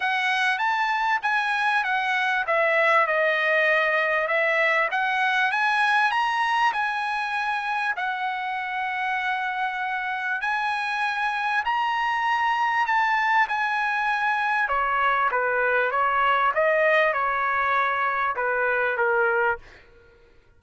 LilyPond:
\new Staff \with { instrumentName = "trumpet" } { \time 4/4 \tempo 4 = 98 fis''4 a''4 gis''4 fis''4 | e''4 dis''2 e''4 | fis''4 gis''4 ais''4 gis''4~ | gis''4 fis''2.~ |
fis''4 gis''2 ais''4~ | ais''4 a''4 gis''2 | cis''4 b'4 cis''4 dis''4 | cis''2 b'4 ais'4 | }